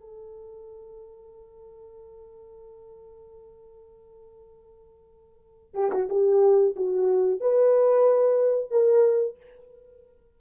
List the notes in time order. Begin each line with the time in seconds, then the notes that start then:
0.00 A4
5.74 G4
5.92 F#4
6.09 G4
6.76 F#4
7.41 B4
8.71 A#4